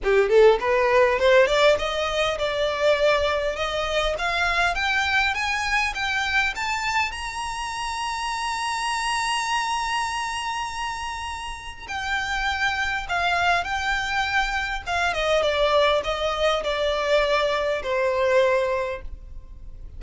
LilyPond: \new Staff \with { instrumentName = "violin" } { \time 4/4 \tempo 4 = 101 g'8 a'8 b'4 c''8 d''8 dis''4 | d''2 dis''4 f''4 | g''4 gis''4 g''4 a''4 | ais''1~ |
ais''1 | g''2 f''4 g''4~ | g''4 f''8 dis''8 d''4 dis''4 | d''2 c''2 | }